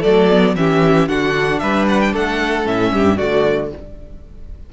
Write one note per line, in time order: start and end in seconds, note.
0.00 0.56 F#3
0.00 0.30 A3
0.00 0.53 A4
0.00 0.55 D5
0.30 0.56 B3
0.56 1.08 E3
0.56 1.08 C#4
0.56 1.09 G4
0.56 1.09 E5
1.08 1.61 D3
1.08 2.64 D4
1.08 1.62 F#4
1.08 1.59 F#5
1.59 2.14 G3
1.59 2.13 B4
1.59 1.86 E5
1.88 2.01 F#5
2.01 2.14 G5
2.13 2.66 A3
2.13 2.92 A4
2.13 2.67 F#5
2.64 2.92 A2
2.64 3.17 C#4
2.64 3.18 E5
2.92 3.19 G2
2.92 3.17 G4
3.17 3.73 D3
3.17 3.71 A3
3.17 3.70 F#4
3.17 3.71 D5